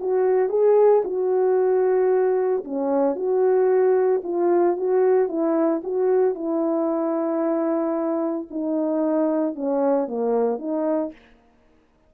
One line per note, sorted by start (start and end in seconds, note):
0.00 0.49 F#4
0.49 1.02 G#4
1.05 2.64 F#4
2.65 3.16 C#4
3.16 4.22 F#4
4.24 4.77 F4
4.77 5.29 F#4
5.29 5.82 E4
5.84 6.35 F#4
6.35 8.47 E4
8.51 9.55 D#4
9.55 10.07 C#4
10.07 10.59 A#3
10.59 11.12 D#4